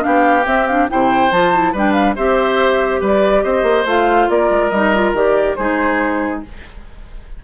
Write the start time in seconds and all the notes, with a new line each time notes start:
0.00 D4 G4 F5
0.06 B3
0.46 C4 E5
0.67 D4 F5
0.89 C3 E4 C5 G5
1.32 F3 F4 A5
1.54 E4
1.73 G3 D4 B4 G5
1.93 F5
2.16 C4 G4 C5 E5
3.01 G3 B4 D5
3.44 C4 C5 D#5
3.63 A#3
3.86 A3 F4 F5
4.30 A#3 A#4 D5
4.50 G#3
4.70 G3 D#4 D#5
4.95 F4
5.13 D#3 G4 D5
5.56 G#3 D#4 G#4 C5